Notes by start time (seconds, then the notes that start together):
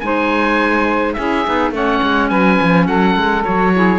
0.00 G#3 D#4 C5 G#5
1.13 C#4 E4 G#4 E5
1.45 B3 D#4
1.71 A3 C#4 C#5 F#5
2.02 G#3
2.29 F#3 B4 G#5
2.61 F3
2.86 F#3 A4 F#5
3.15 G#3
3.43 F#3 F#4 C#5
3.75 E4 G#4